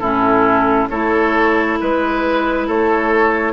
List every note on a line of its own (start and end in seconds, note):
0.00 0.88 A2
0.00 0.90 C#4
0.00 0.89 E4
0.00 0.88 A4
0.90 1.79 A3
0.90 3.53 E4
0.90 1.79 A4
0.90 1.78 C#5
1.80 2.68 G#3
1.80 2.69 B4
1.80 2.68 B4
2.68 3.53 A3
2.68 3.53 A4
2.68 3.53 C#5